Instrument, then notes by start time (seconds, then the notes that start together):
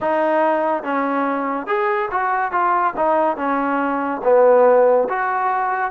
trombone
0.00 D#4
0.83 C#4
1.66 G#4
2.11 F#4
2.51 F4
2.96 D#4
3.36 C#4
4.23 B3
5.09 F#4